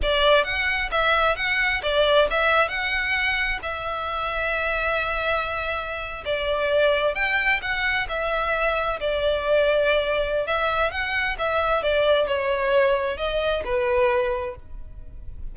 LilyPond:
\new Staff \with { instrumentName = "violin" } { \time 4/4 \tempo 4 = 132 d''4 fis''4 e''4 fis''4 | d''4 e''4 fis''2 | e''1~ | e''4.~ e''16 d''2 g''16~ |
g''8. fis''4 e''2 d''16~ | d''2. e''4 | fis''4 e''4 d''4 cis''4~ | cis''4 dis''4 b'2 | }